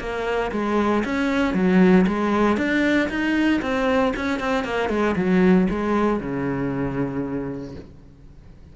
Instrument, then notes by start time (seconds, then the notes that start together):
cello
0.00 A#3
0.52 G#3
1.05 C#4
1.54 F#3
2.07 G#3
2.57 D4
3.09 D#4
3.62 C4
4.16 C#4
4.40 C4
4.65 A#3
4.89 G#3
5.16 F#3
5.70 G#3
6.20 C#3